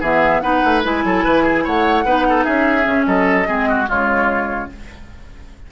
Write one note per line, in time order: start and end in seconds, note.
0.00 0.41 E3
0.00 0.42 B3
0.00 0.41 G#4
0.00 0.40 E5
0.40 0.62 B3
0.40 0.83 D#4
0.40 1.03 B4
0.40 0.81 F#5
0.64 0.84 A3
0.83 1.04 G#3
0.83 2.05 E4
0.83 1.66 G#5
1.04 1.24 F#3
1.04 1.24 A4
1.24 1.66 E3
1.24 1.43 B4
1.43 1.63 G#4
1.63 2.04 A3
1.63 2.04 C#5
1.63 2.44 F#5
2.04 2.45 B3
2.04 2.83 D#4
2.04 2.25 B4
2.29 2.44 A4
2.44 2.86 C#4
2.44 3.05 G#4
2.44 3.04 E5
2.83 3.06 C#3
2.83 3.44 C#4
3.05 3.47 F#3
3.05 3.47 A4
3.05 3.86 D#5
3.47 3.88 G#3
3.47 3.86 C4
3.47 3.68 G#4
3.69 3.88 F#4
3.86 4.70 C#3
3.86 4.67 G#3
3.86 4.69 F4
3.86 4.71 C#5